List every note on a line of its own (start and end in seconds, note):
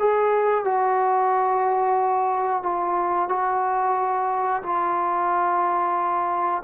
0.00 0.65 G#4
0.65 2.63 F#4
2.63 3.29 F4
3.29 4.63 F#4
4.63 6.63 F4